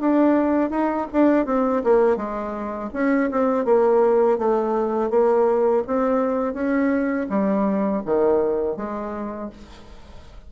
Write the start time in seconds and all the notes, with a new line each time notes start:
0.00 D4
0.70 D#4
1.12 D4
1.46 C4
1.83 A#3
2.16 G#3
2.93 C#4
3.31 C4
3.65 A#3
4.38 A3
5.10 A#3
5.87 C4
6.54 C#4
7.29 G3
8.05 D#3
8.76 G#3